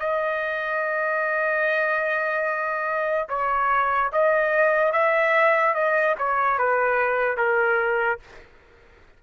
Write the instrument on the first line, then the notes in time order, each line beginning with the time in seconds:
trumpet
0.00 D#5
3.30 C#5
4.13 D#5
4.93 E5
5.75 D#5
6.19 C#5
6.59 B4
7.38 A#4